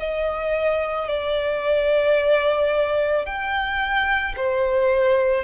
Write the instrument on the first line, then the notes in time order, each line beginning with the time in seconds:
violin
0.00 D#5
1.09 D5
3.26 G5
4.37 C5